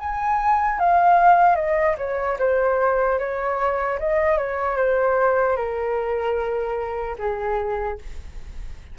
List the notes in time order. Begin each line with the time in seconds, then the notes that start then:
0.00 G#5
0.80 F5
1.56 D#5
1.98 C#5
2.39 C5
3.19 C#5
4.00 D#5
4.38 C#5
4.77 C5
5.57 A#4
7.19 G#4